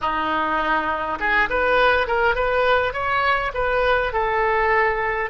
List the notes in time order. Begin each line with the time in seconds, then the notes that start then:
0.01 D#4
1.19 G#4
1.49 B4
2.07 A#4
2.35 B4
2.93 C#5
3.53 B4
4.12 A4